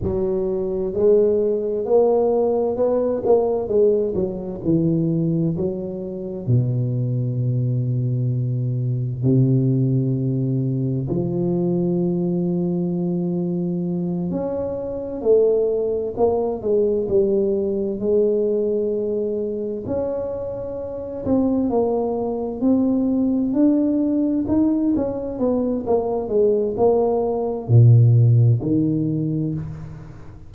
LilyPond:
\new Staff \with { instrumentName = "tuba" } { \time 4/4 \tempo 4 = 65 fis4 gis4 ais4 b8 ais8 | gis8 fis8 e4 fis4 b,4~ | b,2 c2 | f2.~ f8 cis'8~ |
cis'8 a4 ais8 gis8 g4 gis8~ | gis4. cis'4. c'8 ais8~ | ais8 c'4 d'4 dis'8 cis'8 b8 | ais8 gis8 ais4 ais,4 dis4 | }